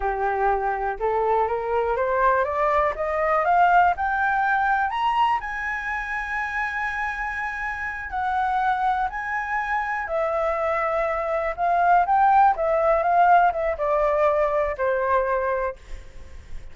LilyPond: \new Staff \with { instrumentName = "flute" } { \time 4/4 \tempo 4 = 122 g'2 a'4 ais'4 | c''4 d''4 dis''4 f''4 | g''2 ais''4 gis''4~ | gis''1~ |
gis''8 fis''2 gis''4.~ | gis''8 e''2. f''8~ | f''8 g''4 e''4 f''4 e''8 | d''2 c''2 | }